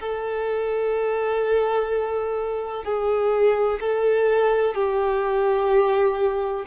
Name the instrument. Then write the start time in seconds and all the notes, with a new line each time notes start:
violin
0.00 A4
2.84 G#4
3.80 A4
4.74 G4